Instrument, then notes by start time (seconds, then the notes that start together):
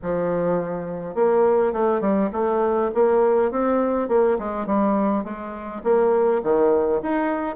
bassoon
0.02 F3
1.14 A#3
1.73 A3
2.00 G3
2.32 A3
2.94 A#3
3.51 C4
4.08 A#3
4.38 G#3
4.66 G3
5.23 G#3
5.83 A#3
6.43 D#3
7.02 D#4